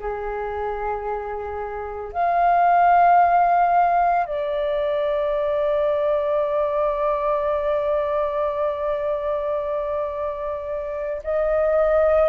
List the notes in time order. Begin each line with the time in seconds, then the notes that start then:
0.00 G#4
2.13 F5
4.26 D5
11.25 D#5